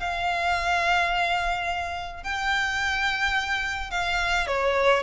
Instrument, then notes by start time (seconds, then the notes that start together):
violin
0.00 F5
2.24 G5
3.91 F5
4.47 C#5